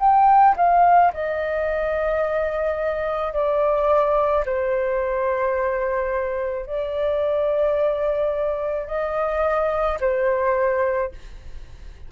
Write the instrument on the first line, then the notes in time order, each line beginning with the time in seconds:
flute
0.00 G5
0.57 F5
1.14 D#5
3.33 D5
4.45 C5
6.66 D5
8.87 D#5
10.01 C5